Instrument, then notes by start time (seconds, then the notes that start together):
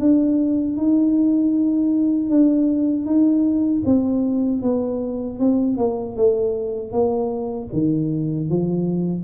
tuba
0.00 D4
0.77 D#4
2.29 D4
3.06 D#4
3.85 C4
4.62 B3
5.40 C4
5.77 A#3
6.16 A3
6.92 A#3
7.72 D#3
8.49 F3